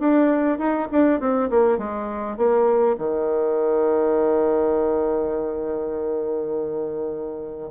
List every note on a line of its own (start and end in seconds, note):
0.00 0.59 D4
0.59 0.89 D#4
0.92 1.20 D4
1.20 1.50 C4
1.50 1.78 A#3
1.78 2.37 G#3
2.37 2.97 A#3
2.98 7.71 D#3